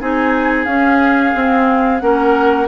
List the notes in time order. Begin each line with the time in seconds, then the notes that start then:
0.00 C4 D#4 G#4 G#5
0.65 C#4 F5
1.34 C4
1.99 A#3 C#4 A#4 F#5